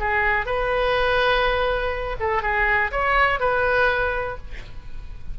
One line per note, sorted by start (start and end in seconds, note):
0.00 0.46 G#4
0.46 2.17 B4
2.20 2.42 A4
2.42 2.91 G#4
2.92 3.40 C#5
3.40 4.37 B4